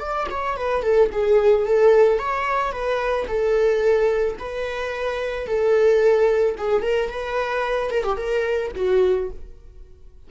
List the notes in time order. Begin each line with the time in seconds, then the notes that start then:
0.00 D5
0.31 C#5
0.57 B4
0.83 A4
1.12 G#4
1.66 A4
2.19 C#5
2.72 B4
3.28 A4
4.39 B4
5.47 A4
6.58 G#4
6.83 A#4
7.10 B4
7.91 A#4
8.04 G4
8.17 A#4
8.76 F#4